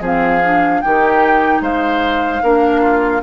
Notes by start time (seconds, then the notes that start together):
0.00 F3 C4 G#4 F5
0.44 D4
0.81 D#3 D#4 G4 G5
1.61 G#3 C5 F5
2.42 A#3 D4 A#4
2.81 F4